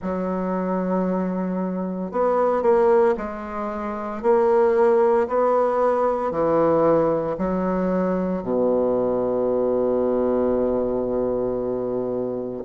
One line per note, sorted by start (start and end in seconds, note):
0.02 2.11 F#3
2.11 2.62 B3
2.62 3.14 A#3
3.17 4.22 G#3
4.22 5.27 A#3
5.28 6.31 B3
6.31 7.36 E3
7.38 8.42 F#3
8.42 12.63 B2